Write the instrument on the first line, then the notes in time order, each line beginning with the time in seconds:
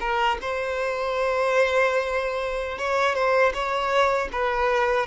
violin
0.00 A#4
0.41 C5
2.78 C#5
3.15 C5
3.54 C#5
4.32 B4